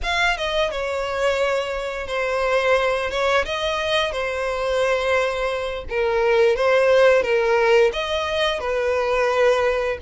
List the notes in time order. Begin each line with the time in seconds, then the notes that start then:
0.03 F5
0.37 D#5
0.71 C#5
2.07 C5
3.10 C#5
3.45 D#5
4.12 C5
5.89 A#4
6.55 C5
7.22 A#4
7.92 D#5
8.60 B4